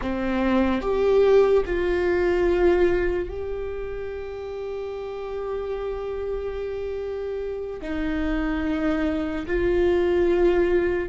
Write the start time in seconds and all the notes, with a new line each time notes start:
0.01 C4
0.81 G4
1.65 F4
3.28 G4
7.81 D#4
9.47 F4